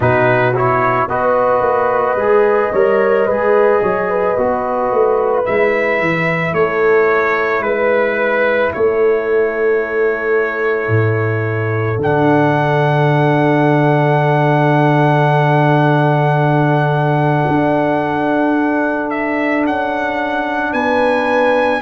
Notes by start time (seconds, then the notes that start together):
0.00 B2 D#4 F#4 B4
0.55 E4 C#5
1.07 B3 F#4 B4 D#5
1.61 A#3
2.15 G#3 G#4
2.72 G3 A#4 C#5
3.25 G#3 G#4 B4
3.82 F#3 C#5
4.10 B4
4.37 B3 F#4
4.91 A3
5.44 G#3 E4 E5
6.00 E3
6.52 A3 A4 C#5
7.60 G#3 B4
8.73 A3 A4 C#5
10.88 A2
11.98 D3 D4 F#5
17.47 D4
19.10 E5
19.64 C#4 F#5
20.72 B3 B4 G#5